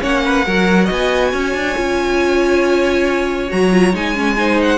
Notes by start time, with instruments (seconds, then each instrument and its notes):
0.00 cello A#3, viola C#4, violin C#5 F#5
0.25 violin B4
0.45 cello F#3, viola F#4, violin A#4
0.85 cello B3, violin D#5
0.91 violin G#5
1.32 cello C#4, violin C#5
1.54 cello D4
1.75 cello C#4, viola F4
3.47 cello F#3, viola F#4, violin A#5
3.71 viola F4
3.93 cello G#3, viola D#4, violin G#5
4.14 viola C#4
4.37 viola D#4, violin C5
4.62 violin F#5